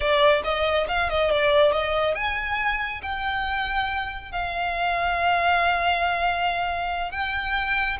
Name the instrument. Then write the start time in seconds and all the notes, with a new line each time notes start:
violin
0.00 D5
0.44 D#5
0.88 F5
1.09 D#5
1.30 D5
1.72 D#5
2.14 G#5
3.02 G5
4.31 F5
7.11 G5